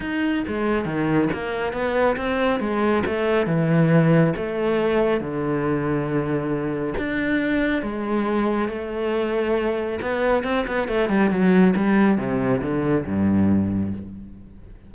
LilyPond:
\new Staff \with { instrumentName = "cello" } { \time 4/4 \tempo 4 = 138 dis'4 gis4 dis4 ais4 | b4 c'4 gis4 a4 | e2 a2 | d1 |
d'2 gis2 | a2. b4 | c'8 b8 a8 g8 fis4 g4 | c4 d4 g,2 | }